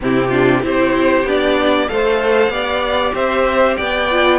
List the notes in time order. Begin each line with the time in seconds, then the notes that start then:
0.01 C3 C4 E4 G4
0.28 D4 F4
0.61 C4 E4 G4 C5
1.24 B3 D4 D5
1.88 A3 A4 C5 F5
2.48 B3 G4 D5
3.14 C4 C5 E5
3.76 B3 D5 G5
4.10 F4